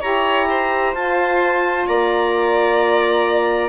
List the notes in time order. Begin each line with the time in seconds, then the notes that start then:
0.00 E4 G4 C#5 A#5
0.49 C5
0.94 F4 A5
1.87 A#3 D5 A#5